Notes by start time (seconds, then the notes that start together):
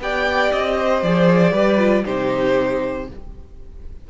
0.00 B3 G4 D5 G5
0.52 C4 D#5
0.78 C5
1.03 F3 G#4 D5
1.53 G3 G4 B4
1.78 F4
2.05 C3 D#4 G4 C5